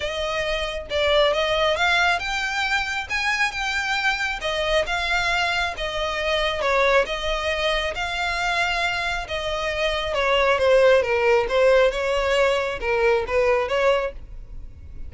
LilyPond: \new Staff \with { instrumentName = "violin" } { \time 4/4 \tempo 4 = 136 dis''2 d''4 dis''4 | f''4 g''2 gis''4 | g''2 dis''4 f''4~ | f''4 dis''2 cis''4 |
dis''2 f''2~ | f''4 dis''2 cis''4 | c''4 ais'4 c''4 cis''4~ | cis''4 ais'4 b'4 cis''4 | }